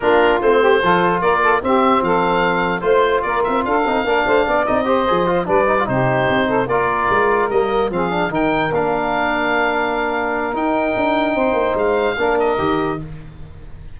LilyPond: <<
  \new Staff \with { instrumentName = "oboe" } { \time 4/4 \tempo 4 = 148 ais'4 c''2 d''4 | e''4 f''2 c''4 | d''8 e''8 f''2~ f''8 dis''8~ | dis''4. d''4 c''4.~ |
c''8 d''2 dis''4 f''8~ | f''8 g''4 f''2~ f''8~ | f''2 g''2~ | g''4 f''4. dis''4. | }
  \new Staff \with { instrumentName = "saxophone" } { \time 4/4 f'4. g'8 a'4 ais'8 a'8 | g'4 a'2 c''4 | ais'4 a'4 ais'8 c''8 d''4 | c''4. b'4 g'4. |
a'8 ais'2. gis'8~ | gis'8 ais'2.~ ais'8~ | ais'1 | c''2 ais'2 | }
  \new Staff \with { instrumentName = "trombone" } { \time 4/4 d'4 c'4 f'2 | c'2. f'4~ | f'4. dis'8 d'4. dis'8 | g'8 gis'8 f'8 d'8 dis'16 f'16 dis'4.~ |
dis'8 f'2 ais4 c'8 | d'8 dis'4 d'2~ d'8~ | d'2 dis'2~ | dis'2 d'4 g'4 | }
  \new Staff \with { instrumentName = "tuba" } { \time 4/4 ais4 a4 f4 ais4 | c'4 f2 a4 | ais8 c'8 d'8 c'8 ais8 a8 b8 c'8~ | c'8 f4 g4 c4 c'8~ |
c'8 ais4 gis4 g4 f8~ | f8 dis4 ais2~ ais8~ | ais2 dis'4 d'4 | c'8 ais8 gis4 ais4 dis4 | }
>>